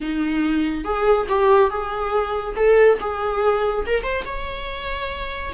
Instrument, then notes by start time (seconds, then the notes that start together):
viola
0.00 D#4
0.84 G#4
1.28 G4
1.69 G#4
2.56 A4
3.00 G#4
3.86 A#4
4.03 C5
4.25 C#5